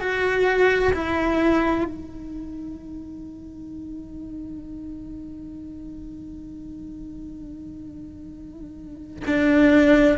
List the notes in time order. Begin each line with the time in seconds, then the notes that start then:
0.00 F#4
0.93 E4
1.84 D#4
9.26 D4